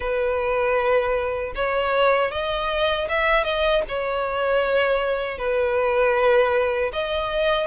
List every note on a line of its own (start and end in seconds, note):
0.00 1.53 B4
1.55 2.31 C#5
2.31 3.08 D#5
3.08 3.44 E5
3.44 3.82 D#5
3.88 5.37 C#5
5.37 6.91 B4
6.92 7.67 D#5